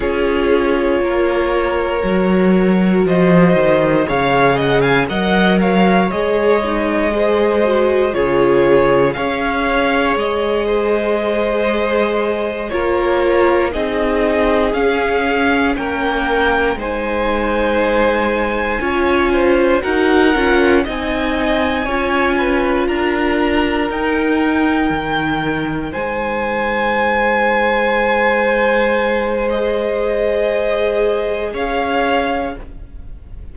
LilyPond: <<
  \new Staff \with { instrumentName = "violin" } { \time 4/4 \tempo 4 = 59 cis''2. dis''4 | f''8 fis''16 gis''16 fis''8 f''8 dis''2 | cis''4 f''4 dis''2~ | dis''8 cis''4 dis''4 f''4 g''8~ |
g''8 gis''2. fis''8~ | fis''8 gis''2 ais''4 g''8~ | g''4. gis''2~ gis''8~ | gis''4 dis''2 f''4 | }
  \new Staff \with { instrumentName = "violin" } { \time 4/4 gis'4 ais'2 c''4 | cis''8 dis''16 f''16 dis''8 cis''4. c''4 | gis'4 cis''4. c''4.~ | c''8 ais'4 gis'2 ais'8~ |
ais'8 c''2 cis''8 c''8 ais'8~ | ais'8 dis''4 cis''8 b'8 ais'4.~ | ais'4. c''2~ c''8~ | c''2. cis''4 | }
  \new Staff \with { instrumentName = "viola" } { \time 4/4 f'2 fis'2 | gis'4 ais'4 gis'8 dis'8 gis'8 fis'8 | f'4 gis'2.~ | gis'8 f'4 dis'4 cis'4.~ |
cis'8 dis'2 f'4 fis'8 | f'8 dis'4 f'2 dis'8~ | dis'1~ | dis'4 gis'2. | }
  \new Staff \with { instrumentName = "cello" } { \time 4/4 cis'4 ais4 fis4 f8 dis8 | cis4 fis4 gis2 | cis4 cis'4 gis2~ | gis8 ais4 c'4 cis'4 ais8~ |
ais8 gis2 cis'4 dis'8 | cis'8 c'4 cis'4 d'4 dis'8~ | dis'8 dis4 gis2~ gis8~ | gis2. cis'4 | }
>>